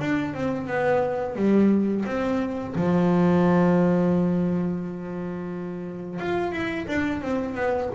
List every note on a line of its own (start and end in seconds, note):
0.00 0.34 D4
0.34 0.67 C4
0.67 1.36 B3
1.36 2.05 G3
2.06 2.75 C4
2.76 6.20 F3
6.20 6.52 F4
6.52 6.87 E4
6.88 7.22 D4
7.22 7.55 C4
7.55 7.90 B3